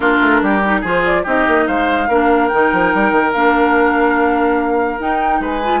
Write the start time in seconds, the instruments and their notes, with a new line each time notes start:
0.00 bassoon A#3, clarinet D4, oboe F4, flute A#4
0.21 bassoon A3
0.42 bassoon G3, oboe G4
0.64 clarinet D#4
0.80 bassoon F3, clarinet F4, oboe G#4, flute C5
1.05 flute D5
1.23 bassoon C4, clarinet D#4, oboe G4, flute D#5
1.47 bassoon A#3
1.67 bassoon G#3, oboe C5, flute F5
2.08 bassoon A#3, clarinet D4, oboe A#4
2.47 bassoon D#3, clarinet D#4, flute G5
2.72 bassoon F3
2.94 bassoon G3
3.11 bassoon D#3
3.32 bassoon A#3, clarinet D4, flute F5
4.99 clarinet D#4, bassoon D#4, flute G5
5.39 bassoon G#3, oboe B4, flute G#5
5.64 clarinet F4